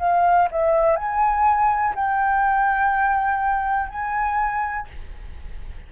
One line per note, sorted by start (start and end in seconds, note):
0.00 0.49 F5
0.52 0.97 E5
0.97 1.95 G#5
1.96 3.89 G5
3.89 4.88 G#5